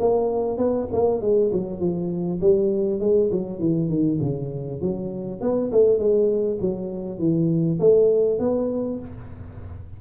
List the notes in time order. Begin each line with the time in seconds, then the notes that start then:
0.00 A#3
0.58 B3
0.92 A#3
1.21 G#3
1.53 F#3
1.80 F3
2.41 G3
3.00 G#3
3.32 F#3
3.59 E3
3.89 D#3
4.22 C#3
4.81 F#3
5.41 B3
5.72 A3
5.99 G#3
6.61 F#3
7.19 E3
7.80 A3
8.39 B3